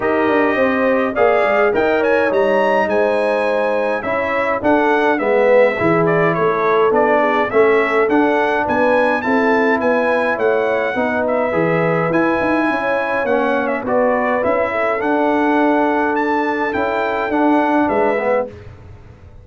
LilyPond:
<<
  \new Staff \with { instrumentName = "trumpet" } { \time 4/4 \tempo 4 = 104 dis''2 f''4 g''8 gis''8 | ais''4 gis''2 e''4 | fis''4 e''4. d''8 cis''4 | d''4 e''4 fis''4 gis''4 |
a''4 gis''4 fis''4. e''8~ | e''4 gis''2 fis''8. e''16 | d''4 e''4 fis''2 | a''4 g''4 fis''4 e''4 | }
  \new Staff \with { instrumentName = "horn" } { \time 4/4 ais'4 c''4 d''4 dis''8 cis''8~ | cis''4 c''2 cis''4 | a'4 b'4 gis'4 a'4~ | a'8 gis'8 a'2 b'4 |
a'4 b'4 cis''4 b'4~ | b'2 cis''2 | b'4. a'2~ a'8~ | a'2. b'4 | }
  \new Staff \with { instrumentName = "trombone" } { \time 4/4 g'2 gis'4 ais'4 | dis'2. e'4 | d'4 b4 e'2 | d'4 cis'4 d'2 |
e'2. dis'4 | gis'4 e'2 cis'4 | fis'4 e'4 d'2~ | d'4 e'4 d'4. b8 | }
  \new Staff \with { instrumentName = "tuba" } { \time 4/4 dis'8 d'8 c'4 ais8 gis8 dis'4 | g4 gis2 cis'4 | d'4 gis4 e4 a4 | b4 a4 d'4 b4 |
c'4 b4 a4 b4 | e4 e'8 dis'8 cis'4 ais4 | b4 cis'4 d'2~ | d'4 cis'4 d'4 gis4 | }
>>